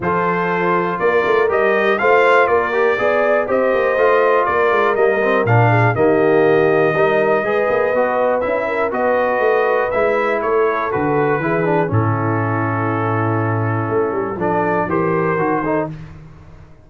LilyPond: <<
  \new Staff \with { instrumentName = "trumpet" } { \time 4/4 \tempo 4 = 121 c''2 d''4 dis''4 | f''4 d''2 dis''4~ | dis''4 d''4 dis''4 f''4 | dis''1~ |
dis''4 e''4 dis''2 | e''4 cis''4 b'2 | a'1~ | a'4 d''4 c''2 | }
  \new Staff \with { instrumentName = "horn" } { \time 4/4 a'2 ais'2 | c''4 ais'4 d''4 c''4~ | c''4 ais'2~ ais'8 gis'8 | g'2 ais'4 b'4~ |
b'4. ais'8 b'2~ | b'4 a'2 gis'4 | e'1~ | e'4 a'4 ais'4. a'8 | }
  \new Staff \with { instrumentName = "trombone" } { \time 4/4 f'2. g'4 | f'4. g'8 gis'4 g'4 | f'2 ais8 c'8 d'4 | ais2 dis'4 gis'4 |
fis'4 e'4 fis'2 | e'2 fis'4 e'8 d'8 | cis'1~ | cis'4 d'4 g'4 fis'8 dis'8 | }
  \new Staff \with { instrumentName = "tuba" } { \time 4/4 f2 ais8 a8 g4 | a4 ais4 b4 c'8 ais8 | a4 ais8 gis8 g4 ais,4 | dis2 g4 gis8 ais8 |
b4 cis'4 b4 a4 | gis4 a4 d4 e4 | a,1 | a8 g8 f4 e4 dis4 | }
>>